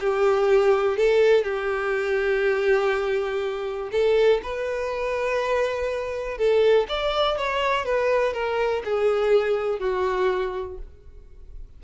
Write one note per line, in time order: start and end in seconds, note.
0.00 0.97 G4
0.97 1.44 A4
1.44 3.90 G4
3.92 4.41 A4
4.43 6.38 B4
6.38 6.87 A4
6.89 7.37 D5
7.37 7.86 C#5
7.86 8.34 B4
8.34 8.83 A#4
8.85 9.80 G#4
9.80 10.78 F#4